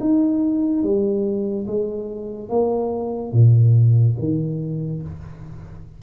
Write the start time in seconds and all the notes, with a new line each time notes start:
0.00 D#4
0.83 G3
1.67 G#3
2.49 A#3
3.33 A#2
4.19 D#3